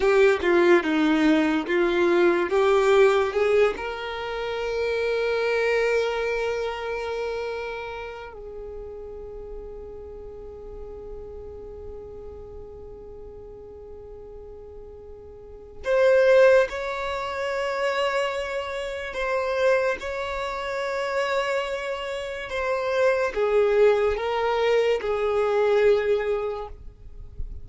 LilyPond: \new Staff \with { instrumentName = "violin" } { \time 4/4 \tempo 4 = 72 g'8 f'8 dis'4 f'4 g'4 | gis'8 ais'2.~ ais'8~ | ais'2 gis'2~ | gis'1~ |
gis'2. c''4 | cis''2. c''4 | cis''2. c''4 | gis'4 ais'4 gis'2 | }